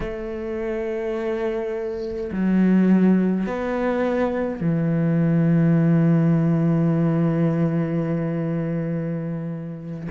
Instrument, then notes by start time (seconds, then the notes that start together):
cello
0.00 A3
2.32 F#3
3.46 B3
4.60 E3